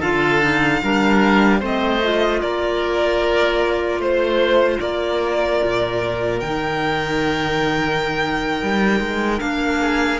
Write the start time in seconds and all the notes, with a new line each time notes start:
0.00 D3 F4 A4 F5
0.42 D#4
0.83 G3 D4 A#4
1.60 A3 C4 C5 D#5
2.03 F4
2.42 A#3 A#4 D5
3.98 A3 C5
4.80 A#3 A#4 D5
5.64 A#2
6.40 D#3 D#4 G5
8.62 G3
9.00 G#3
9.39 A#3 D4 F5
9.81 G#4